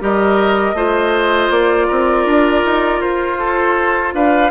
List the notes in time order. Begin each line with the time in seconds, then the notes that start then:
0.00 G3 G4 A#4 D#5
0.73 A3 F4 C5
1.50 A#3 D5
1.87 C4 A#4
2.25 D4
2.65 D#4
3.00 F4 C5
3.39 A4
4.14 D4 B4 F5